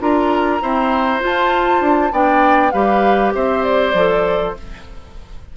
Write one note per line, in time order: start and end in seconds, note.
0.00 0.61 D4
0.00 0.61 F4
0.00 0.62 A#4
0.00 1.22 A#5
0.61 1.20 C4
0.61 1.22 E4
0.61 2.13 C5
1.20 2.11 F4
1.20 1.81 F4
1.20 2.13 A5
1.81 2.11 D4
2.12 2.73 B3
2.12 2.72 D4
2.12 2.73 D5
2.12 2.71 G5
2.71 3.34 G3
2.71 3.94 G4
2.71 3.34 B4
2.71 3.32 F5
3.35 3.94 C4
3.35 4.56 C5
3.35 3.64 E5
3.64 4.54 D5
3.94 4.54 F3
3.94 4.57 A4